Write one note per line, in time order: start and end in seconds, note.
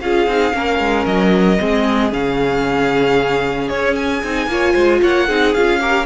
0.00 0.26 C#4
0.00 0.28 F4
0.00 0.56 G#4
0.00 1.05 F5
0.26 0.53 C4
0.26 0.52 D#4
0.52 0.79 A#3
0.52 1.57 C#4
0.52 1.60 A#4
0.79 1.05 G#3
1.05 1.58 F#3
1.05 2.11 D#5
1.59 2.12 G#3
1.59 2.12 C4
1.59 4.50 G#4
2.12 3.70 C#3
2.12 4.22 C#4
2.12 3.68 F5
3.68 4.23 C#4
3.68 3.95 C#5
3.95 5.01 G#5
4.23 4.46 C4
4.23 4.49 D#4
4.46 4.73 A#3
4.46 5.28 F4
4.46 4.73 C#5
4.73 5.02 G#3
4.73 4.99 C5
5.01 5.29 A#3
5.01 5.27 C#5
5.01 5.54 F#5
5.27 5.55 C4
5.27 5.55 D#4
5.27 5.79 G#4
5.54 6.06 C#4
5.54 5.79 F4
5.54 6.06 F5
5.79 6.06 G4
5.79 6.06 A#4